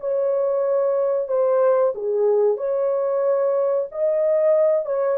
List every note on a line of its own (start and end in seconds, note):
0.00 1.28 C#5
1.28 1.93 C5
1.94 2.57 G#4
2.57 3.88 C#5
3.91 4.86 D#5
4.86 5.18 C#5